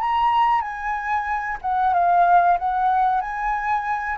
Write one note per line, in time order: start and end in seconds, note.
0.00 0.61 A#5
0.61 1.58 G#5
1.62 1.94 F#5
1.94 2.58 F5
2.59 3.21 F#5
3.21 4.18 G#5